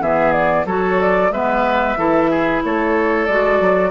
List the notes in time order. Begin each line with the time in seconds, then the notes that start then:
0.00 E3 B3 G#4 E5
0.32 D5
0.65 F#3 F#4 A4 C#5
1.00 D5
1.30 G#3 B3 B4 E5
1.97 E3 E4 A4
2.30 G#4
2.64 A3 A4 C#5
3.26 G#3 F#4 D5
3.60 F#3